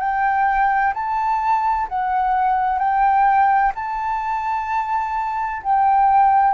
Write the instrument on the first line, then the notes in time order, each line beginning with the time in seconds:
flute
0.00 G5
0.94 A5
1.89 F#5
2.79 G5
3.75 A5
5.63 G5